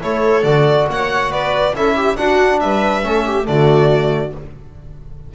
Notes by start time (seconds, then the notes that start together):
0.00 A3 E4 A4 C#5
0.43 D3 F#4 D5
0.89 A#3 C#5 F#5
1.30 B3 B4 D5
1.74 C#4 E4 A4 E5
1.96 G4
2.16 D4 F#4 F#5
2.60 G3 B4 E5
3.02 A3 C#4 A4
3.26 G4
3.44 D3 A3 F#4 D5